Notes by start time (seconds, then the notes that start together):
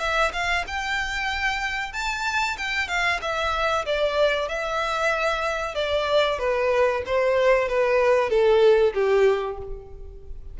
0.00 E5
0.33 F5
0.67 G5
1.93 A5
2.58 G5
2.88 F5
3.22 E5
3.86 D5
4.49 E5
5.75 D5
6.39 B4
7.06 C5
7.69 B4
8.30 A4
8.94 G4